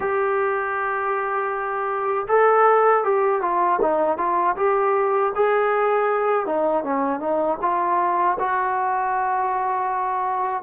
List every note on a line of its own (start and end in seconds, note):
0.00 2.26 G4
2.28 3.03 A4
3.03 3.41 G4
3.41 3.79 F4
3.81 4.17 D#4
4.17 4.55 F4
4.56 5.32 G4
5.35 6.46 G#4
6.46 6.83 D#4
6.83 7.19 C#4
7.19 7.57 D#4
7.61 8.37 F4
8.39 10.62 F#4